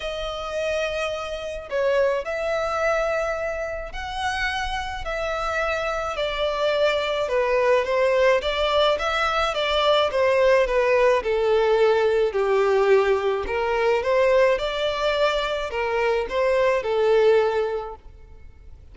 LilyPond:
\new Staff \with { instrumentName = "violin" } { \time 4/4 \tempo 4 = 107 dis''2. cis''4 | e''2. fis''4~ | fis''4 e''2 d''4~ | d''4 b'4 c''4 d''4 |
e''4 d''4 c''4 b'4 | a'2 g'2 | ais'4 c''4 d''2 | ais'4 c''4 a'2 | }